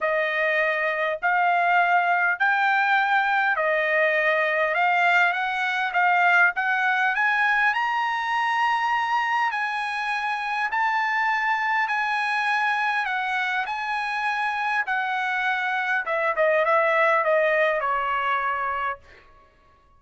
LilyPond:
\new Staff \with { instrumentName = "trumpet" } { \time 4/4 \tempo 4 = 101 dis''2 f''2 | g''2 dis''2 | f''4 fis''4 f''4 fis''4 | gis''4 ais''2. |
gis''2 a''2 | gis''2 fis''4 gis''4~ | gis''4 fis''2 e''8 dis''8 | e''4 dis''4 cis''2 | }